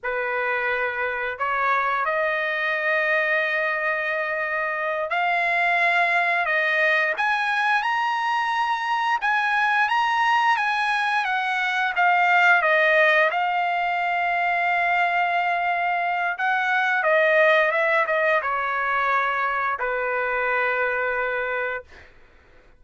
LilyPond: \new Staff \with { instrumentName = "trumpet" } { \time 4/4 \tempo 4 = 88 b'2 cis''4 dis''4~ | dis''2.~ dis''8 f''8~ | f''4. dis''4 gis''4 ais''8~ | ais''4. gis''4 ais''4 gis''8~ |
gis''8 fis''4 f''4 dis''4 f''8~ | f''1 | fis''4 dis''4 e''8 dis''8 cis''4~ | cis''4 b'2. | }